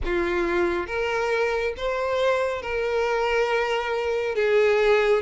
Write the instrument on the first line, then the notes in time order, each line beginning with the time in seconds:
violin
0.04 F4
0.87 A#4
1.76 C5
2.61 A#4
4.35 G#4